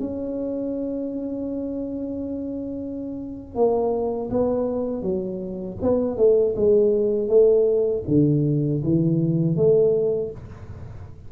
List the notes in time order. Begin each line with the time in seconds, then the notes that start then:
0.00 C#4
3.55 A#3
4.31 B3
5.02 F#3
5.82 B3
6.17 A3
6.56 G#3
7.28 A3
8.08 D3
8.84 E3
9.56 A3